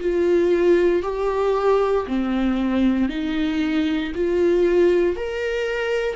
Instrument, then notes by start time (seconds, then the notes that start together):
viola
0.00 F4
1.03 G4
2.07 C4
3.08 D#4
4.15 F4
5.16 A#4